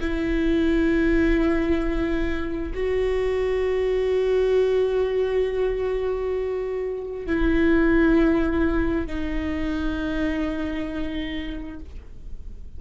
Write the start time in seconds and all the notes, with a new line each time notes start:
0.00 E4
2.74 F#4
7.26 E4
9.07 D#4